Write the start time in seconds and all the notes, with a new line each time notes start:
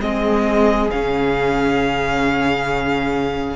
0.00 G#3 C4 G#4 D#5
0.90 C#3 C#4 F5